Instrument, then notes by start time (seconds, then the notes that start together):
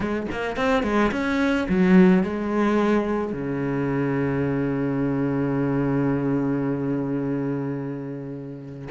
cello
0.00 G#3
0.31 A#3
0.56 C4
0.83 G#3
1.11 C#4
1.68 F#3
2.23 G#3
3.33 C#3